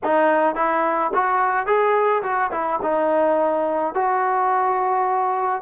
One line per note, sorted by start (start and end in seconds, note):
0.03 0.55 D#4
0.55 1.11 E4
1.14 1.66 F#4
1.66 2.22 G#4
2.23 2.51 F#4
2.51 2.79 E4
2.82 3.94 D#4
3.94 5.62 F#4